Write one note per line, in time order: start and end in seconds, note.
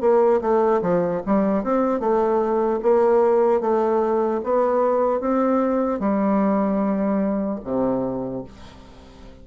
0.00 0.40 A#3
0.41 0.81 A3
0.81 1.21 F3
1.26 1.63 G3
1.63 2.00 C4
2.00 2.80 A3
2.82 3.61 A#3
3.61 4.41 A3
4.44 5.20 B3
5.20 6.00 C4
6.00 7.60 G3
7.64 8.44 C3